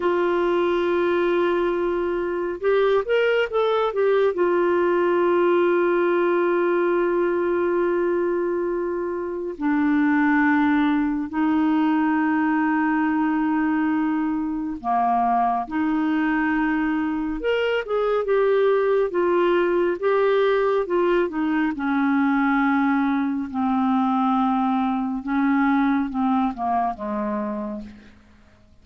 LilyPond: \new Staff \with { instrumentName = "clarinet" } { \time 4/4 \tempo 4 = 69 f'2. g'8 ais'8 | a'8 g'8 f'2.~ | f'2. d'4~ | d'4 dis'2.~ |
dis'4 ais4 dis'2 | ais'8 gis'8 g'4 f'4 g'4 | f'8 dis'8 cis'2 c'4~ | c'4 cis'4 c'8 ais8 gis4 | }